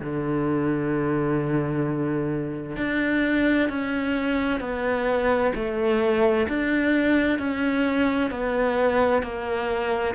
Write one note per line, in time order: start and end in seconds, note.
0.00 2.76 D3
2.76 3.68 D4
3.68 4.60 C#4
4.60 5.52 B3
5.55 6.47 A3
6.48 7.38 D4
7.38 8.30 C#4
8.30 9.22 B3
9.22 10.15 A#3